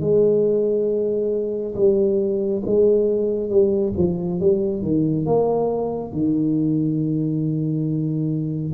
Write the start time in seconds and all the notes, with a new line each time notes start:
0.00 G#3
1.75 G3
2.65 G#3
3.49 G3
3.97 F3
4.40 G3
4.82 D#3
5.25 A#3
6.12 D#3